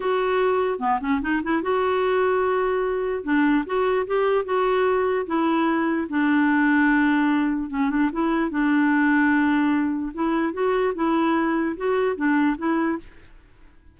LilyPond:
\new Staff \with { instrumentName = "clarinet" } { \time 4/4 \tempo 4 = 148 fis'2 b8 cis'8 dis'8 e'8 | fis'1 | d'4 fis'4 g'4 fis'4~ | fis'4 e'2 d'4~ |
d'2. cis'8 d'8 | e'4 d'2.~ | d'4 e'4 fis'4 e'4~ | e'4 fis'4 d'4 e'4 | }